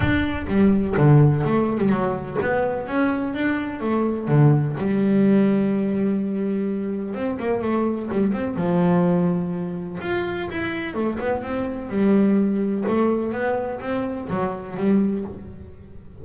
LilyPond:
\new Staff \with { instrumentName = "double bass" } { \time 4/4 \tempo 4 = 126 d'4 g4 d4 a8. g16 | fis4 b4 cis'4 d'4 | a4 d4 g2~ | g2. c'8 ais8 |
a4 g8 c'8 f2~ | f4 f'4 e'4 a8 b8 | c'4 g2 a4 | b4 c'4 fis4 g4 | }